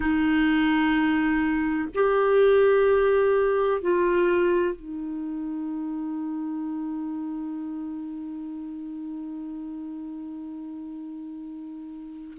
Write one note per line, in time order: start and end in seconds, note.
0.00 1.88 D#4
1.94 3.81 G4
3.81 4.75 F4
4.75 12.37 D#4